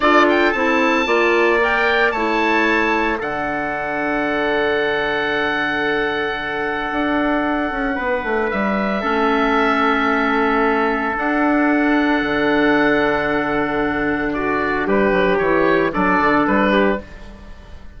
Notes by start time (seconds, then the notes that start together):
0.00 D4 F4 A4 D5
0.29 G5
0.51 C4 E4 A5
1.05 A#3 F4 D5
1.61 A#4 G5
2.11 A3 E4 C#5 A5
3.17 D3 D4 A4 F#5
6.91 D4
7.71 C#4
7.95 B3 B4
8.23 A3
8.50 G3 E5
9.00 A3 C#4 A4
11.15 D4 F#5
12.22 D3
14.33 F#4 D5
14.86 G3 G4 B4
15.11 F#3
15.38 E3 E4 C#5
15.92 F#3 D4 A4 D5
16.19 D3
16.46 G3 B4
16.71 G4